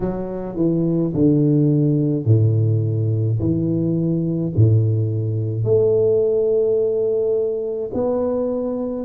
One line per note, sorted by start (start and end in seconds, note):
0.00 0.56 F#3
0.56 1.12 E3
1.13 2.25 D3
2.25 3.38 A2
3.39 4.52 E3
4.55 5.63 A2
5.63 7.90 A3
7.93 9.05 B3